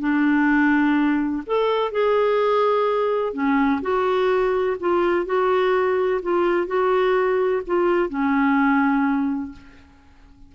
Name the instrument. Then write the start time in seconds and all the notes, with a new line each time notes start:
clarinet
0.00 D4
1.47 A4
1.92 G#4
3.34 C#4
3.82 F#4
4.80 F4
5.26 F#4
6.23 F4
6.67 F#4
7.67 F4
8.10 C#4